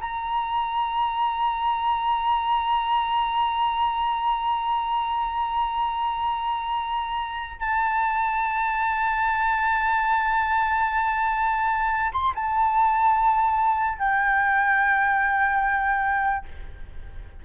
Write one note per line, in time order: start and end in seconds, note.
0.00 7.60 A#5
7.60 12.12 A5
12.12 12.33 C6
12.34 13.98 A5
13.98 16.45 G5